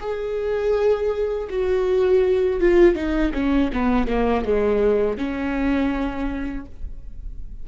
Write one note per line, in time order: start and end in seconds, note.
0.00 1.48 G#4
1.49 2.61 F#4
2.61 2.95 F4
2.95 3.32 D#4
3.34 3.71 C#4
3.73 4.07 B3
4.07 4.44 A#3
4.45 5.18 G#3
5.18 6.66 C#4